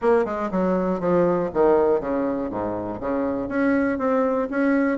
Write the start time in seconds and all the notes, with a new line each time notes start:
0.01 A#3
0.25 G#3
0.51 F#3
1.00 F3
1.53 D#3
2.00 C#3
2.50 G#2
3.00 C#3
3.48 C#4
3.98 C4
4.50 C#4